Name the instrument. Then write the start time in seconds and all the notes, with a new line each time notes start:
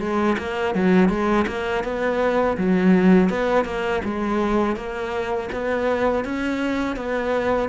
cello
0.00 G#3
0.38 A#3
0.75 F#3
1.09 G#3
1.47 A#3
1.84 B3
2.58 F#3
3.30 B3
3.65 A#3
4.04 G#3
4.76 A#3
5.52 B3
6.25 C#4
6.96 B3